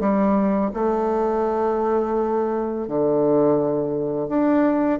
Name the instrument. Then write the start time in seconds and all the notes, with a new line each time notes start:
bassoon
0.00 G3
0.74 A3
2.88 D3
4.29 D4